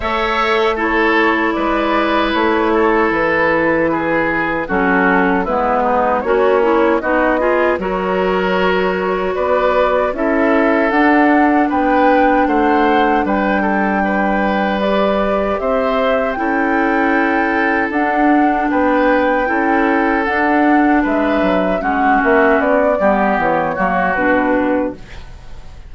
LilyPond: <<
  \new Staff \with { instrumentName = "flute" } { \time 4/4 \tempo 4 = 77 e''4 cis''4 d''4 cis''4 | b'2 a'4 b'4 | cis''4 dis''4 cis''2 | d''4 e''4 fis''4 g''4 |
fis''4 g''2 d''4 | e''4 g''2 fis''4 | g''2 fis''4 e''4 | fis''8 e''8 d''4 cis''4 b'4 | }
  \new Staff \with { instrumentName = "oboe" } { \time 4/4 cis''4 a'4 b'4. a'8~ | a'4 gis'4 fis'4 e'8 dis'8 | cis'4 fis'8 gis'8 ais'2 | b'4 a'2 b'4 |
c''4 b'8 a'8 b'2 | c''4 a'2. | b'4 a'2 b'4 | fis'4. g'4 fis'4. | }
  \new Staff \with { instrumentName = "clarinet" } { \time 4/4 a'4 e'2.~ | e'2 cis'4 b4 | fis'8 e'8 dis'8 f'8 fis'2~ | fis'4 e'4 d'2~ |
d'2. g'4~ | g'4 e'2 d'4~ | d'4 e'4 d'2 | cis'4. b4 ais8 d'4 | }
  \new Staff \with { instrumentName = "bassoon" } { \time 4/4 a2 gis4 a4 | e2 fis4 gis4 | ais4 b4 fis2 | b4 cis'4 d'4 b4 |
a4 g2. | c'4 cis'2 d'4 | b4 cis'4 d'4 gis8 fis8 | gis8 ais8 b8 g8 e8 fis8 b,4 | }
>>